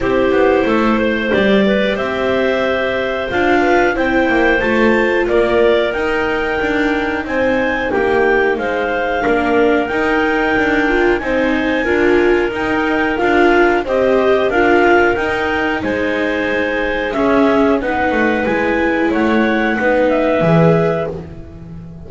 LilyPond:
<<
  \new Staff \with { instrumentName = "clarinet" } { \time 4/4 \tempo 4 = 91 c''2 d''4 e''4~ | e''4 f''4 g''4 a''4 | d''4 g''2 gis''4 | g''4 f''2 g''4~ |
g''4 gis''2 g''4 | f''4 dis''4 f''4 g''4 | gis''2 e''4 fis''4 | gis''4 fis''4. e''4. | }
  \new Staff \with { instrumentName = "clarinet" } { \time 4/4 g'4 a'8 c''4 b'8 c''4~ | c''4. b'8 c''2 | ais'2. c''4 | g'4 c''4 ais'2~ |
ais'4 c''4 ais'2~ | ais'4 c''4 ais'2 | c''2 gis'4 b'4~ | b'4 cis''4 b'2 | }
  \new Staff \with { instrumentName = "viola" } { \time 4/4 e'2 g'2~ | g'4 f'4 e'4 f'4~ | f'4 dis'2.~ | dis'2 d'4 dis'4~ |
dis'8 f'8 dis'4 f'4 dis'4 | f'4 g'4 f'4 dis'4~ | dis'2 cis'4 dis'4 | e'2 dis'4 gis'4 | }
  \new Staff \with { instrumentName = "double bass" } { \time 4/4 c'8 b8 a4 g4 c'4~ | c'4 d'4 c'8 ais8 a4 | ais4 dis'4 d'4 c'4 | ais4 gis4 ais4 dis'4 |
d'4 c'4 d'4 dis'4 | d'4 c'4 d'4 dis'4 | gis2 cis'4 b8 a8 | gis4 a4 b4 e4 | }
>>